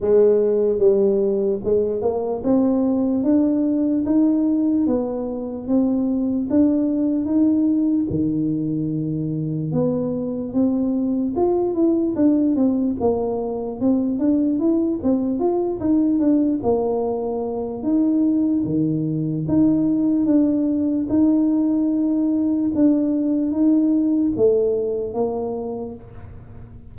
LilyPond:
\new Staff \with { instrumentName = "tuba" } { \time 4/4 \tempo 4 = 74 gis4 g4 gis8 ais8 c'4 | d'4 dis'4 b4 c'4 | d'4 dis'4 dis2 | b4 c'4 f'8 e'8 d'8 c'8 |
ais4 c'8 d'8 e'8 c'8 f'8 dis'8 | d'8 ais4. dis'4 dis4 | dis'4 d'4 dis'2 | d'4 dis'4 a4 ais4 | }